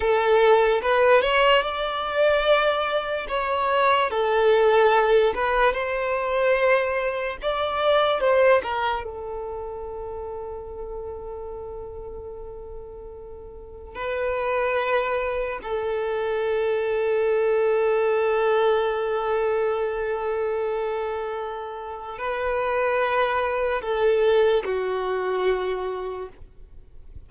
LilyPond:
\new Staff \with { instrumentName = "violin" } { \time 4/4 \tempo 4 = 73 a'4 b'8 cis''8 d''2 | cis''4 a'4. b'8 c''4~ | c''4 d''4 c''8 ais'8 a'4~ | a'1~ |
a'4 b'2 a'4~ | a'1~ | a'2. b'4~ | b'4 a'4 fis'2 | }